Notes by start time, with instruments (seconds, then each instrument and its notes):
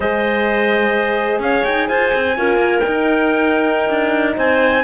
0.00 cello G#3, horn G#4, clarinet C5, trumpet D#5
1.39 cello C#4, clarinet C#5, trumpet F5
1.64 cello D#4, trumpet G5
1.88 cello F4, clarinet C5, trumpet G#5
2.14 cello C4
2.36 cello C#4, horn F4, clarinet A#4
2.56 cello A#3
2.79 horn D#4, trumpet G5
2.86 cello D#4
3.89 cello D4
4.36 cello C4, clarinet C5, trumpet G#5